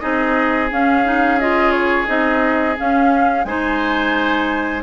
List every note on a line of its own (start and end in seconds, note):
0.00 0.71 C4
0.00 0.69 D#4
0.00 3.46 G#4
0.00 0.69 D#5
0.71 2.08 C#4
0.71 1.04 C#4
0.71 1.40 F5
1.04 1.39 D#4
1.40 2.07 F4
1.40 1.72 D#5
1.72 2.06 C#5
2.07 2.77 C4
2.07 2.76 D#4
2.07 2.77 D#5
2.77 3.46 C#4
2.77 3.44 C#4
2.77 3.45 F5
3.44 4.82 G#3
3.44 4.82 D#4
3.44 4.82 C5
3.44 4.82 G#5